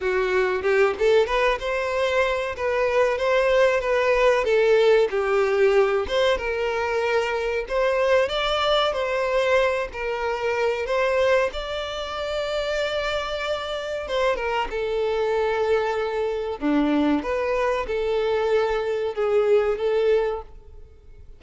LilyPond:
\new Staff \with { instrumentName = "violin" } { \time 4/4 \tempo 4 = 94 fis'4 g'8 a'8 b'8 c''4. | b'4 c''4 b'4 a'4 | g'4. c''8 ais'2 | c''4 d''4 c''4. ais'8~ |
ais'4 c''4 d''2~ | d''2 c''8 ais'8 a'4~ | a'2 d'4 b'4 | a'2 gis'4 a'4 | }